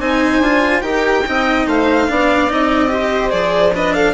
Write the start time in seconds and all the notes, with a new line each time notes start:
0.00 C4 D#4 C5 G#5
0.40 D4 F4
0.82 D#4 G4 A#4 G5
1.27 C4 D#4 D#5
1.67 A3 C5 F5
2.09 B3 D4 D5
2.49 C4 D#4 D#5
2.88 G4 C5
3.30 F3 G#4 D5
3.74 D4 B4 D#5
3.94 A4 F5